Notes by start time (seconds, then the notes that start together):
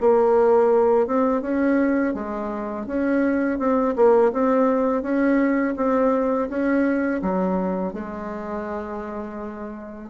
0.00 A#3
1.06 C4
1.41 C#4
2.14 G#3
2.87 C#4
3.58 C4
3.96 A#3
4.32 C4
5.02 C#4
5.76 C4
6.49 C#4
7.22 F#3
7.93 G#3